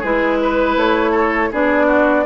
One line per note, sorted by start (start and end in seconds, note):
0.00 0.76 G#3
0.00 1.52 E4
0.00 0.37 G#4
0.00 0.78 B4
0.42 1.11 B4
0.76 1.50 A3
0.76 1.52 C#5
1.11 1.48 A4
1.52 2.26 B3
1.52 2.26 D4
1.52 1.87 G#4
1.52 2.26 D5
1.87 2.24 F#4